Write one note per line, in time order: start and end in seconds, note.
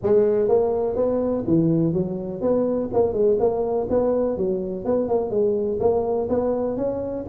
0.02 0.48 G#3
0.48 0.96 A#3
0.96 1.44 B3
1.46 1.93 E3
1.93 2.41 F#3
2.41 2.89 B3
2.93 3.13 A#3
3.13 3.37 G#3
3.39 3.87 A#3
3.89 4.37 B3
4.37 4.84 F#3
4.84 5.08 B3
5.08 5.30 A#3
5.30 5.78 G#3
5.80 6.28 A#3
6.29 6.76 B3
6.76 7.25 C#4